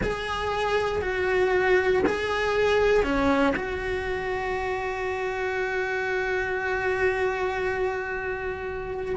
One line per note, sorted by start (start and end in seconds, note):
0.02 1.01 G#4
1.01 2.03 F#4
2.06 3.03 G#4
3.03 3.54 C#4
3.56 9.15 F#4